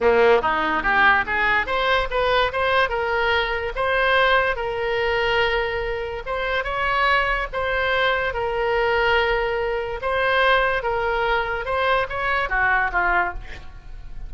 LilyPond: \new Staff \with { instrumentName = "oboe" } { \time 4/4 \tempo 4 = 144 ais4 dis'4 g'4 gis'4 | c''4 b'4 c''4 ais'4~ | ais'4 c''2 ais'4~ | ais'2. c''4 |
cis''2 c''2 | ais'1 | c''2 ais'2 | c''4 cis''4 fis'4 f'4 | }